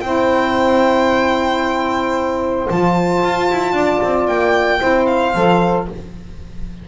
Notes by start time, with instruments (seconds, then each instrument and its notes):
0.00 double bass C4, saxophone E4 C5, violin G5
2.69 double bass F3, saxophone F4, violin A5
3.23 double bass F4
3.50 double bass E4
3.72 double bass D4, saxophone D5
4.02 double bass C4
4.26 double bass A#3, violin G5
4.78 double bass C4, saxophone E4 C5
5.06 violin F5
5.34 double bass F3, saxophone A4